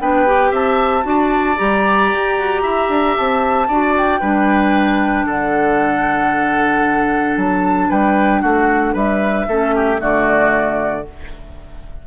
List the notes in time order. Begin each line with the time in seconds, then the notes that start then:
0.00 B3 D4 B4 G5
0.26 G4
0.51 C4 E5 A5
1.02 D4 F#4
1.08 D5
1.56 G3 G4 A#5
2.12 G4
2.38 F#4
2.62 E4 E5
2.88 D4
3.16 C4 A5
3.68 D4 F#4 D5
3.97 G5
4.20 G3 D4 B4
5.26 D3 A4 F#5
7.36 F#3 A5
7.89 G3 B4 G5
8.41 A3 F#4 F#5
8.93 G3 B4 E5
9.47 A3 C#4 A4
9.75 G4
9.97 D3 A3 F#4 D5